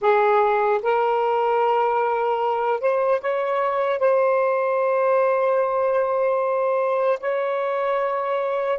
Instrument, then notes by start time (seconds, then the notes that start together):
saxophone
0.01 G#4
0.82 A#4
2.80 C5
3.20 C#5
3.99 C5
7.20 C#5